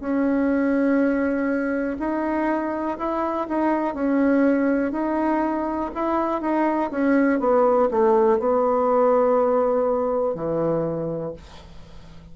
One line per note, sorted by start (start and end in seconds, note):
0.00 1.97 C#4
1.99 2.97 D#4
2.98 3.47 E4
3.48 3.94 D#4
3.94 4.92 C#4
4.92 5.90 D#4
5.95 6.41 E4
6.41 6.90 D#4
6.91 7.39 C#4
7.39 7.89 B3
7.90 8.39 A3
8.39 10.35 B3
10.35 11.33 E3